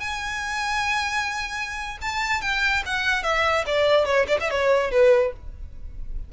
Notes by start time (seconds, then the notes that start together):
0.00 G#5
2.02 A5
2.41 G5
2.86 F#5
3.23 E5
3.66 D5
4.06 C#5
4.28 D5
4.40 E5
4.51 C#5
4.91 B4